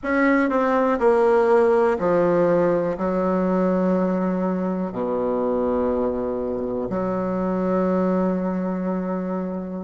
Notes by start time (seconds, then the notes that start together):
0.03 C#4
0.49 C4
0.99 A#3
1.99 F3
2.97 F#3
4.92 B2
6.89 F#3